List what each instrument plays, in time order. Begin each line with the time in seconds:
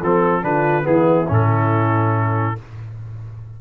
0.00 tuba F3, trombone C4, horn A4, trumpet A4
0.42 tuba D3, trombone D4, horn F4, trumpet B4
0.83 tuba E3, trombone B3, horn E4, trumpet G#4
1.28 tuba A2, trombone C#4, trumpet A4